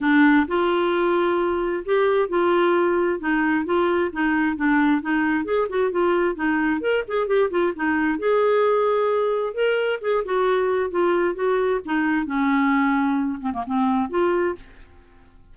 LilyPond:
\new Staff \with { instrumentName = "clarinet" } { \time 4/4 \tempo 4 = 132 d'4 f'2. | g'4 f'2 dis'4 | f'4 dis'4 d'4 dis'4 | gis'8 fis'8 f'4 dis'4 ais'8 gis'8 |
g'8 f'8 dis'4 gis'2~ | gis'4 ais'4 gis'8 fis'4. | f'4 fis'4 dis'4 cis'4~ | cis'4. c'16 ais16 c'4 f'4 | }